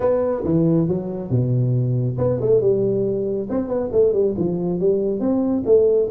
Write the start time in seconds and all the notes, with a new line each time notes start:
0.00 B3
0.44 E3
0.88 F#3
1.30 B2
2.18 B3
2.41 A3
2.61 G3
3.49 C4
3.68 B3
3.92 A3
4.13 G3
4.37 F3
4.79 G3
5.20 C4
5.65 A3